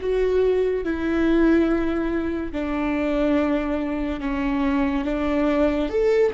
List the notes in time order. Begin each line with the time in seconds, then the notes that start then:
0.00 F#4
0.84 E4
2.52 D4
4.20 C#4
5.05 D4
5.89 A4